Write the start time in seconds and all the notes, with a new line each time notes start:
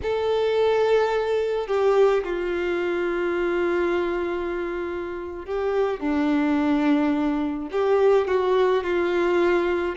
0.02 A4
1.67 G4
2.24 F4
5.45 G4
6.00 D4
7.71 G4
8.27 F#4
8.83 F4